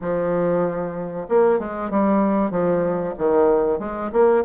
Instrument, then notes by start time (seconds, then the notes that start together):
bassoon
0.01 F3
1.28 A#3
1.59 G#3
1.90 G3
2.51 F3
3.18 D#3
3.79 G#3
4.12 A#3